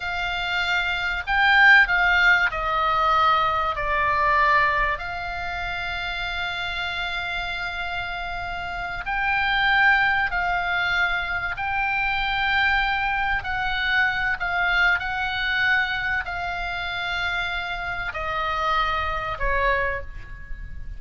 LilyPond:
\new Staff \with { instrumentName = "oboe" } { \time 4/4 \tempo 4 = 96 f''2 g''4 f''4 | dis''2 d''2 | f''1~ | f''2~ f''8 g''4.~ |
g''8 f''2 g''4.~ | g''4. fis''4. f''4 | fis''2 f''2~ | f''4 dis''2 cis''4 | }